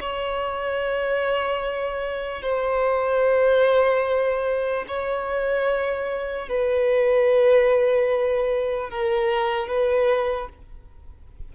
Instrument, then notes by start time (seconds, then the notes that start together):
violin
0.00 C#5
2.41 C5
4.87 C#5
6.48 B4
8.89 A#4
9.67 B4